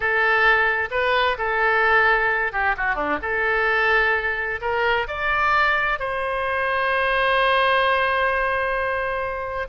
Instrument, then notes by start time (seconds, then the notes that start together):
oboe
0.00 A4
0.90 B4
1.38 A4
2.52 G4
2.77 F#4
2.95 D4
3.22 A4
4.61 A#4
5.07 D5
5.99 C5